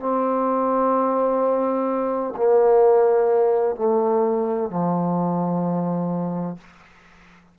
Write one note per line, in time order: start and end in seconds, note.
0.00 2.34 C4
2.37 3.76 A#3
3.76 4.70 A3
4.70 6.58 F3